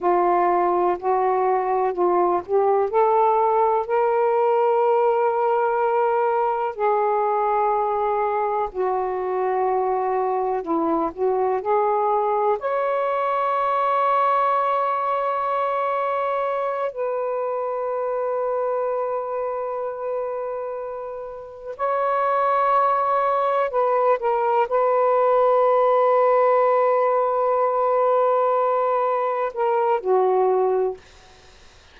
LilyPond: \new Staff \with { instrumentName = "saxophone" } { \time 4/4 \tempo 4 = 62 f'4 fis'4 f'8 g'8 a'4 | ais'2. gis'4~ | gis'4 fis'2 e'8 fis'8 | gis'4 cis''2.~ |
cis''4. b'2~ b'8~ | b'2~ b'8 cis''4.~ | cis''8 b'8 ais'8 b'2~ b'8~ | b'2~ b'8 ais'8 fis'4 | }